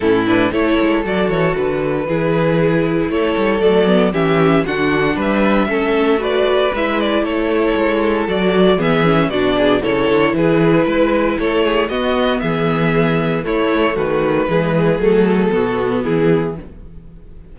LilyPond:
<<
  \new Staff \with { instrumentName = "violin" } { \time 4/4 \tempo 4 = 116 a'8 b'8 cis''4 d''8 cis''8 b'4~ | b'2 cis''4 d''4 | e''4 fis''4 e''2 | d''4 e''8 d''8 cis''2 |
d''4 e''4 d''4 cis''4 | b'2 cis''4 dis''4 | e''2 cis''4 b'4~ | b'4 a'2 gis'4 | }
  \new Staff \with { instrumentName = "violin" } { \time 4/4 e'4 a'2. | gis'2 a'2 | g'4 fis'4 b'4 a'4 | b'2 a'2~ |
a'4 gis'4 fis'8 gis'8 a'4 | gis'4 b'4 a'8 gis'8 fis'4 | gis'2 e'4 fis'4 | gis'2 fis'4 e'4 | }
  \new Staff \with { instrumentName = "viola" } { \time 4/4 cis'8 d'8 e'4 fis'2 | e'2. a8 b8 | cis'4 d'2 cis'4 | fis'4 e'2. |
fis'4 b8 cis'8 d'4 e'4~ | e'2. b4~ | b2 a2 | gis4 a4 b2 | }
  \new Staff \with { instrumentName = "cello" } { \time 4/4 a,4 a8 gis8 fis8 e8 d4 | e2 a8 g8 fis4 | e4 d4 g4 a4~ | a4 gis4 a4 gis4 |
fis4 e4 b,4 cis8 d8 | e4 gis4 a4 b4 | e2 a4 dis4 | e4 fis4 b,4 e4 | }
>>